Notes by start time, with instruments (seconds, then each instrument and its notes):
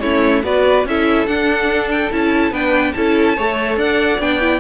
0.00 cello A3, viola C#4, violin E4 C#5
0.43 cello B3, viola F#4, violin B4 D5
0.84 cello C#4, viola E4, violin A4 E5
1.26 cello D4, viola D4, violin F#5
1.91 violin G5
2.11 cello C#4, viola E4, violin A5
2.51 cello B3, viola D4, violin B4 G5
2.93 cello C#4, viola E4, violin A4 A5
3.36 cello A3, viola A4, violin C#5
3.76 cello D4, violin D5 F#5
4.19 cello B3, viola D4, violin G5
4.40 viola E4